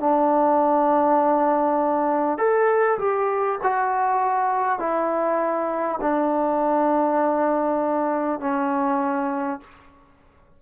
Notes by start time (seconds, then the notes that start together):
0.00 D4
2.38 A4
2.98 G4
3.63 F#4
4.79 E4
6.01 D4
8.40 C#4